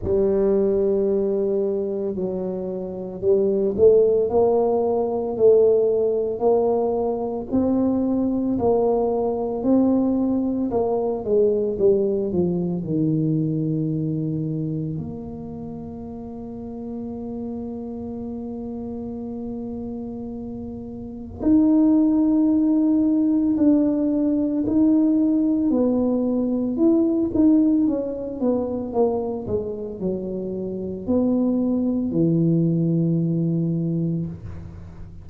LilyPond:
\new Staff \with { instrumentName = "tuba" } { \time 4/4 \tempo 4 = 56 g2 fis4 g8 a8 | ais4 a4 ais4 c'4 | ais4 c'4 ais8 gis8 g8 f8 | dis2 ais2~ |
ais1 | dis'2 d'4 dis'4 | b4 e'8 dis'8 cis'8 b8 ais8 gis8 | fis4 b4 e2 | }